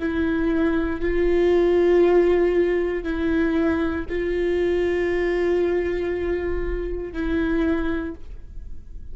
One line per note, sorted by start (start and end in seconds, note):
0.00 1.01 E4
1.01 3.04 F4
3.04 4.06 E4
4.10 7.13 F4
7.13 8.15 E4